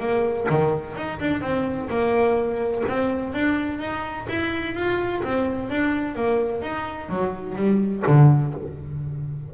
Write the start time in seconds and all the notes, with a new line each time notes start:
0.00 A#3
0.50 D#3
0.96 D#4
1.20 D4
1.42 C4
1.89 A#3
2.89 C4
3.34 D4
3.80 D#4
4.29 E4
4.75 F4
5.24 C4
5.70 D4
6.16 A#3
6.62 D#4
7.10 F#3
7.56 G3
8.07 D3